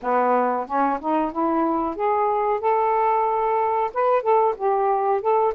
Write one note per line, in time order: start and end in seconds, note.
0.01 0.66 B3
0.66 0.99 C#4
0.99 1.32 D#4
1.32 1.95 E4
1.95 2.60 G#4
2.60 3.90 A4
3.93 4.22 B4
4.22 4.54 A4
4.57 5.21 G4
5.21 5.53 A4